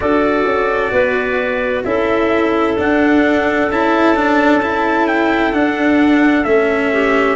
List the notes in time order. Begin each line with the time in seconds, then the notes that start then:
0.00 D4 F#4 A4 D5
0.44 C#4
0.91 B3 B4
1.84 C#4 E4 A4 E5
2.77 D4 F#5
3.69 C#4 E4 A5
4.15 D4
4.62 E4
5.07 G5
5.52 D4 F#5
6.44 A3 C#4 E5
6.92 G4